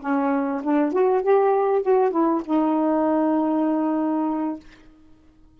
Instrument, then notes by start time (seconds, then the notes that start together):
saxophone
0.00 C#4
0.63 D4
0.92 F#4
1.22 G4
1.82 F#4
2.11 E4
2.45 D#4